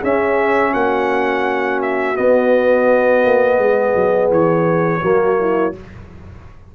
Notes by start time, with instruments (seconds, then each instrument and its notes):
0.00 trombone C#4, tuba C#4, horn G#4, trumpet E5
0.72 tuba A#3, horn F#4, trumpet F#5
1.82 trumpet E5
2.15 trombone B3, tuba B3, trumpet D#5
3.25 tuba A#3
3.58 tuba G#3, horn G#4
3.96 tuba F#3
4.31 tuba E3, trumpet C#5
5.02 tuba F#3, trombone A#3, horn F#4
5.40 horn E4